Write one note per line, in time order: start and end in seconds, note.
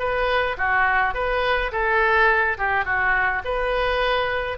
0.00 0.57 B4
0.58 1.15 F#4
1.15 1.72 B4
1.72 2.58 A4
2.58 2.85 G4
2.85 3.42 F#4
3.45 4.58 B4